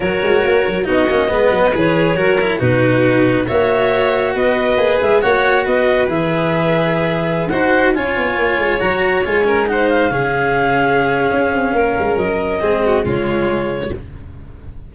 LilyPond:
<<
  \new Staff \with { instrumentName = "clarinet" } { \time 4/4 \tempo 4 = 138 cis''2 dis''2 | cis''2 b'2 | e''2 dis''4. e''8 | fis''4 dis''4 e''2~ |
e''4~ e''16 fis''4 gis''4.~ gis''16~ | gis''16 ais''4 gis''4 fis''8 f''4~ f''16~ | f''1 | dis''2 cis''2 | }
  \new Staff \with { instrumentName = "violin" } { \time 4/4 ais'2 fis'4 b'4~ | b'4 ais'4 fis'2 | cis''2 b'2 | cis''4 b'2.~ |
b'4~ b'16 c''4 cis''4.~ cis''16~ | cis''4.~ cis''16 ais'8 c''4 gis'8.~ | gis'2. ais'4~ | ais'4 gis'8 fis'8 f'2 | }
  \new Staff \with { instrumentName = "cello" } { \time 4/4 fis'2 dis'8 cis'8 b4 | gis'4 fis'8 e'8 dis'2 | fis'2. gis'4 | fis'2 gis'2~ |
gis'4~ gis'16 fis'4 f'4.~ f'16~ | f'16 fis'4 f'8 cis'8 dis'4 cis'8.~ | cis'1~ | cis'4 c'4 gis2 | }
  \new Staff \with { instrumentName = "tuba" } { \time 4/4 fis8 gis8 ais8 fis8 b8 ais8 gis8 fis8 | e4 fis4 b,2 | ais2 b4 ais8 gis8 | ais4 b4 e2~ |
e4~ e16 dis'4 cis'8 b8 ais8 gis16~ | gis16 fis4 gis2 cis8.~ | cis2 cis'8 c'8 ais8 gis8 | fis4 gis4 cis2 | }
>>